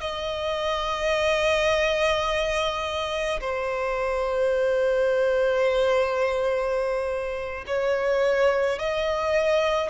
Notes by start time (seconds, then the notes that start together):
0.00 D#5
3.40 C5
7.67 C#5
8.78 D#5